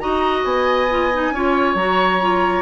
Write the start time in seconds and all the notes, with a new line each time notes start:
0.00 D#4 F#4 D#5 A#5
0.44 B3 G#5
0.90 F4
1.13 D#4
1.31 C#4 F4 C#5
1.75 F#3 F#4 A#5
2.21 F4